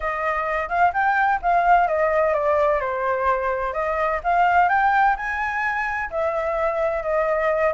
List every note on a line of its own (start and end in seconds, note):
0.00 0.68 D#5
0.68 0.92 F5
0.93 1.40 G5
1.42 1.87 F5
1.87 2.33 D#5
2.33 2.80 D5
2.80 3.73 C5
3.73 4.20 D#5
4.23 4.69 F5
4.69 5.15 G5
5.16 6.10 G#5
6.10 7.02 E5
7.02 7.73 D#5